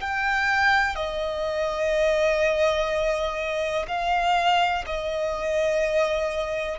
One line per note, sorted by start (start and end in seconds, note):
0.00 0.95 G5
0.95 3.85 D#5
3.88 4.84 F5
4.86 6.79 D#5